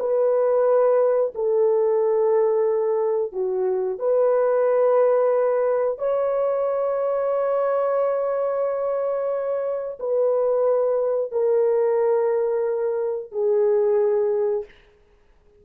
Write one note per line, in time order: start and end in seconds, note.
0.00 1.33 B4
1.35 3.33 A4
3.33 3.99 F#4
3.99 5.99 B4
5.99 9.99 C#5
10.00 11.32 B4
11.32 13.32 A#4
13.32 14.65 G#4